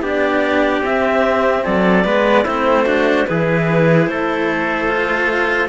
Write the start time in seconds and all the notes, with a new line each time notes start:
0.00 B3 D4 G4 D5
0.81 C4 E5
1.64 F#3 A4 D5
2.04 G#3 B3 B4
2.43 A3 C4 E4 C5
2.85 D4 F#4
3.27 E3 E4 G#4 B4
4.07 A3 A4 C5
4.87 F4